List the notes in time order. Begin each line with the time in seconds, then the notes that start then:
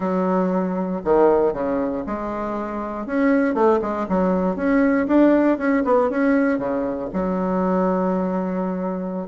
0.00 F#3
1.04 D#3
1.53 C#3
2.06 G#3
3.06 C#4
3.54 A3
3.81 G#3
4.08 F#3
4.56 C#4
5.07 D4
5.57 C#4
5.84 B3
6.09 C#4
6.58 C#3
7.13 F#3